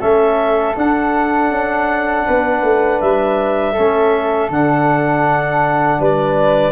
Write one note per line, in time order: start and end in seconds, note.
0.00 0.77 A3
0.00 0.76 C#4
0.00 2.25 A4
0.00 0.76 E5
0.76 3.76 D4
0.76 1.50 D4
0.76 3.01 F#5
1.50 2.25 C#4
2.26 2.63 B3
2.26 3.73 B4
2.63 3.00 A3
3.01 3.77 G3
3.01 4.51 E5
3.73 4.52 C#4
3.73 5.98 A4
3.79 4.50 A3
4.50 6.00 D3
4.50 6.73 D4
4.50 6.02 F#5
6.00 6.73 G3
6.00 6.73 B4
6.00 6.73 D5